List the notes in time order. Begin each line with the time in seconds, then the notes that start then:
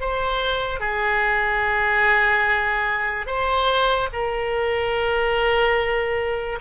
0.00 C5
0.80 G#4
3.26 C5
4.12 A#4